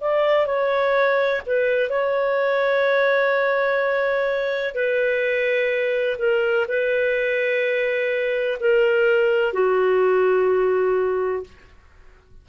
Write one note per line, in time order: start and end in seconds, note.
0.00 0.46 D5
0.46 1.41 C#5
1.45 1.89 B4
1.89 4.74 C#5
4.74 6.17 B4
6.18 6.66 A#4
6.68 8.58 B4
8.60 9.53 A#4
9.53 11.43 F#4